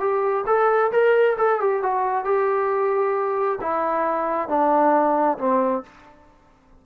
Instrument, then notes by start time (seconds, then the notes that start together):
trombone
0.00 G4
0.47 A4
0.92 A#4
1.38 A4
1.60 G4
1.83 F#4
2.25 G4
3.61 E4
4.49 D4
5.38 C4